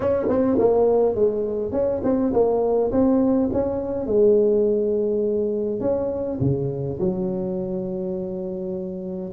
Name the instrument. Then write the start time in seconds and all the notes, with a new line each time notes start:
tuba
0.00 C#4
0.28 C4
0.58 A#3
1.15 G#3
1.72 C#4
2.03 C4
2.33 A#3
2.91 C4
3.52 C#4
4.06 G#3
5.80 C#4
6.40 C#3
6.99 F#3